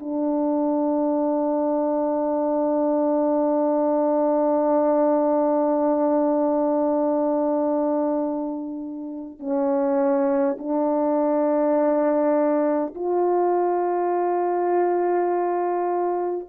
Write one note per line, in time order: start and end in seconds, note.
0.00 9.39 D4
9.39 10.57 C#4
10.59 12.94 D4
12.95 16.48 F4